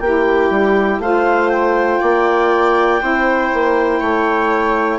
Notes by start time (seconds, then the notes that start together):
0.00 A#3 E4 G4 G5
0.49 G3
0.98 A3 F4 C5 F5
1.49 G5
2.00 A#3 D5
2.99 C4 E4 C5
3.53 A#3
4.00 A3 C#5